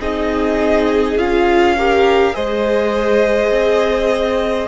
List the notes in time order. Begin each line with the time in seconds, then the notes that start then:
0.00 C4 D#4 G#4 D#5
1.17 C#4 F4 F5
1.77 G4 A#4
2.34 G#3 G#4 C5 D#5
3.51 C4